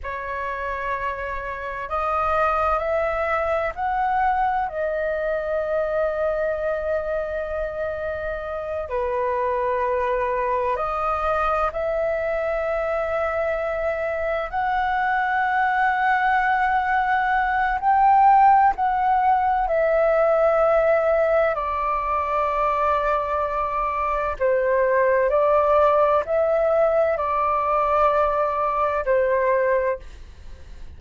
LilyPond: \new Staff \with { instrumentName = "flute" } { \time 4/4 \tempo 4 = 64 cis''2 dis''4 e''4 | fis''4 dis''2.~ | dis''4. b'2 dis''8~ | dis''8 e''2. fis''8~ |
fis''2. g''4 | fis''4 e''2 d''4~ | d''2 c''4 d''4 | e''4 d''2 c''4 | }